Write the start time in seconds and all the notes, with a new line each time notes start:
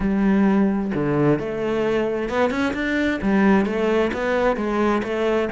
0.00 G3
0.94 D3
1.39 A3
2.29 B3
2.50 C#4
2.73 D4
3.22 G3
3.65 A3
4.13 B3
4.56 G#3
5.03 A3